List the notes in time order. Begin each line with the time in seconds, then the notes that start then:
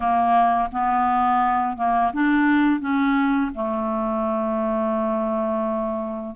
0.00 A#3
0.72 B3
1.76 A#3
2.13 D4
2.80 C#4
3.54 A3